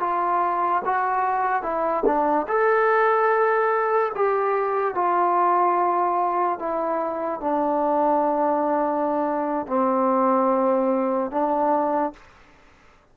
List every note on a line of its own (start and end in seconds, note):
0.00 0.82 F4
0.85 1.63 F#4
1.63 2.04 E4
2.06 2.47 D4
2.48 4.12 A4
4.15 4.95 G4
4.95 6.59 F4
6.59 7.41 E4
7.41 9.67 D4
9.67 11.31 C4
11.31 12.13 D4